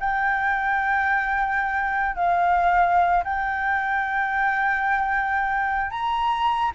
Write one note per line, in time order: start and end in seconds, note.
0.00 2.15 G5
2.15 3.24 F5
3.24 5.91 G5
5.91 6.72 A#5